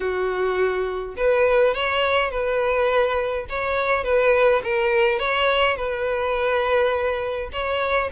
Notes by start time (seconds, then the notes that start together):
0.00 F#4
1.16 B4
1.74 C#5
2.31 B4
3.49 C#5
4.04 B4
4.63 A#4
5.19 C#5
5.76 B4
7.52 C#5